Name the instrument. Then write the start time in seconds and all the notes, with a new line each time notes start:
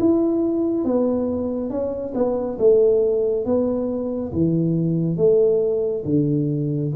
tuba
0.00 E4
0.85 B3
1.70 C#4
2.15 B3
2.59 A3
3.45 B3
4.33 E3
5.17 A3
6.06 D3